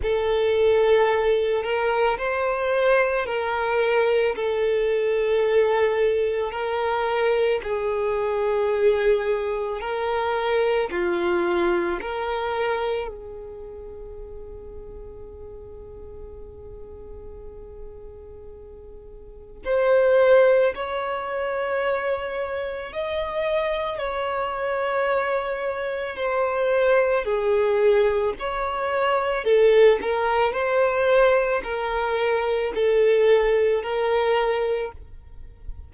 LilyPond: \new Staff \with { instrumentName = "violin" } { \time 4/4 \tempo 4 = 55 a'4. ais'8 c''4 ais'4 | a'2 ais'4 gis'4~ | gis'4 ais'4 f'4 ais'4 | gis'1~ |
gis'2 c''4 cis''4~ | cis''4 dis''4 cis''2 | c''4 gis'4 cis''4 a'8 ais'8 | c''4 ais'4 a'4 ais'4 | }